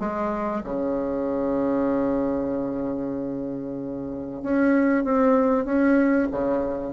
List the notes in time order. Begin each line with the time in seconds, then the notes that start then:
0.00 G#3
0.64 C#3
4.43 C#4
5.05 C4
5.66 C#4
6.32 C#3